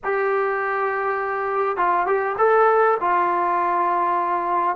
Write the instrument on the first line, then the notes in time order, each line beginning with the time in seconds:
trombone
0.04 G4
1.77 F4
2.06 G4
2.38 A4
3.00 F4